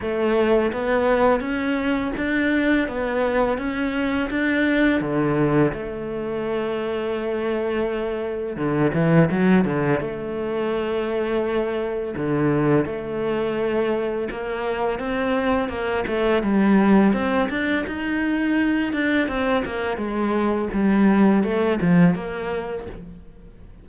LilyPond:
\new Staff \with { instrumentName = "cello" } { \time 4/4 \tempo 4 = 84 a4 b4 cis'4 d'4 | b4 cis'4 d'4 d4 | a1 | d8 e8 fis8 d8 a2~ |
a4 d4 a2 | ais4 c'4 ais8 a8 g4 | c'8 d'8 dis'4. d'8 c'8 ais8 | gis4 g4 a8 f8 ais4 | }